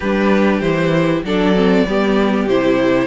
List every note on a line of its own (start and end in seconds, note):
0.00 0.61 G3
0.00 0.63 D4
0.00 1.23 G4
0.00 0.60 B4
0.60 1.22 E3
0.60 1.25 E4
0.60 1.22 C5
1.23 1.85 F#3
1.23 1.55 D4
1.23 1.87 A4
1.23 2.48 D5
1.55 1.86 C4
1.86 2.47 G3
1.86 2.49 B3
1.86 3.07 G4
2.47 3.07 C3
2.47 3.07 E4
2.47 3.07 C5